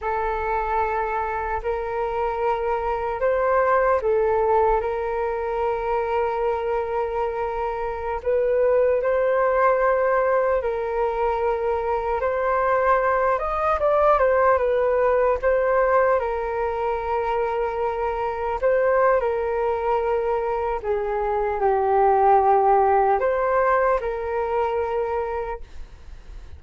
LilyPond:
\new Staff \with { instrumentName = "flute" } { \time 4/4 \tempo 4 = 75 a'2 ais'2 | c''4 a'4 ais'2~ | ais'2~ ais'16 b'4 c''8.~ | c''4~ c''16 ais'2 c''8.~ |
c''8. dis''8 d''8 c''8 b'4 c''8.~ | c''16 ais'2. c''8. | ais'2 gis'4 g'4~ | g'4 c''4 ais'2 | }